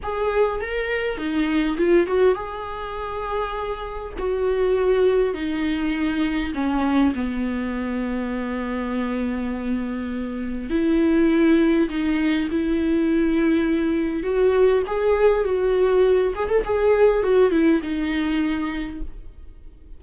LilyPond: \new Staff \with { instrumentName = "viola" } { \time 4/4 \tempo 4 = 101 gis'4 ais'4 dis'4 f'8 fis'8 | gis'2. fis'4~ | fis'4 dis'2 cis'4 | b1~ |
b2 e'2 | dis'4 e'2. | fis'4 gis'4 fis'4. gis'16 a'16 | gis'4 fis'8 e'8 dis'2 | }